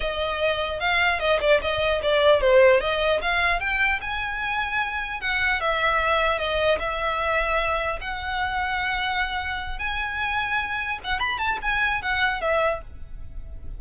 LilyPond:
\new Staff \with { instrumentName = "violin" } { \time 4/4 \tempo 4 = 150 dis''2 f''4 dis''8 d''8 | dis''4 d''4 c''4 dis''4 | f''4 g''4 gis''2~ | gis''4 fis''4 e''2 |
dis''4 e''2. | fis''1~ | fis''8 gis''2. fis''8 | b''8 a''8 gis''4 fis''4 e''4 | }